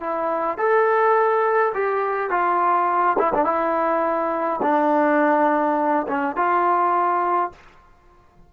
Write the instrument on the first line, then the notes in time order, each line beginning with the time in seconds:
trombone
0.00 E4
0.57 A4
1.74 G4
2.30 F4
3.19 E4
3.34 D4
3.45 E4
4.62 D4
6.08 C#4
6.36 F4